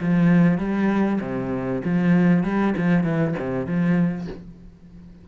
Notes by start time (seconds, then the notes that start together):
0.00 F3
0.58 G3
1.20 C3
1.84 F3
2.43 G3
2.77 F3
3.03 E3
3.38 C3
3.66 F3